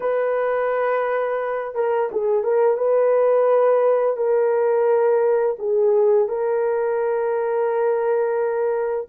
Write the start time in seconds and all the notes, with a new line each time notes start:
0.00 B4
1.74 A#4
2.11 G#4
2.43 A#4
2.77 B4
4.17 A#4
5.58 G#4
6.28 A#4